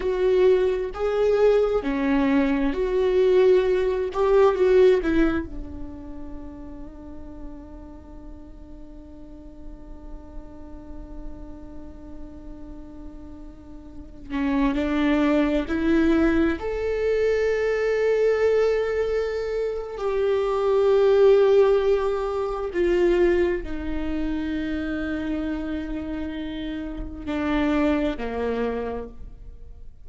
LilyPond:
\new Staff \with { instrumentName = "viola" } { \time 4/4 \tempo 4 = 66 fis'4 gis'4 cis'4 fis'4~ | fis'8 g'8 fis'8 e'8 d'2~ | d'1~ | d'2.~ d'8. cis'16~ |
cis'16 d'4 e'4 a'4.~ a'16~ | a'2 g'2~ | g'4 f'4 dis'2~ | dis'2 d'4 ais4 | }